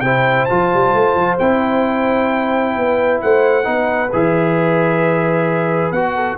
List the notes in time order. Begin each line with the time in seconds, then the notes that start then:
0.00 C3 E4 C5 G5
0.45 F3 F4 A5
0.73 G3
0.94 A3
1.15 F3
1.38 C4 E4 G5
2.76 B3 B4
3.21 A3 C5 F#5
3.63 B3 D#4 B4
4.12 E3 G#4 E5
5.91 B3 F#4 F#5
6.14 A4